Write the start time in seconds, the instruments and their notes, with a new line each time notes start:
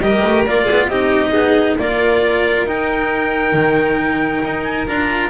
0.00 double bass G3, cello G4, violin A#4, clarinet D#5
0.25 double bass A3
0.46 double bass A#3, cello F4, clarinet D5
0.64 violin G#4
0.70 double bass B3
0.88 double bass C4, cello D#4, violin G4, clarinet D#5
1.31 double bass B3, violin G#4
1.79 double bass A#3, cello F4, violin A#4, clarinet D5
2.66 double bass D#4, cello D#4, clarinet G5
3.53 double bass D#3
4.44 double bass D#4
4.63 clarinet G#5
4.88 double bass D4, cello F4, clarinet A#5